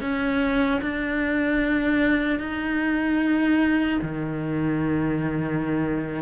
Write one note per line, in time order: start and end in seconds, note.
0.00 0.80 C#4
0.81 2.39 D4
2.39 3.99 D#4
4.02 6.22 D#3